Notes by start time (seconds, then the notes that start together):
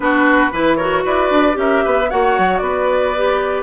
0.00 B3 D4 F#4 B4
0.52 E3 E4 B4
0.76 F#4 A#4 C#5
1.04 E4 B4 D5
1.30 D4
1.52 C#4 G4
1.58 A#4 E5
1.84 B3 B4
2.09 A#3 F#4 C#5 F#5
2.38 F#3
2.57 B3 B4 D5
3.16 G4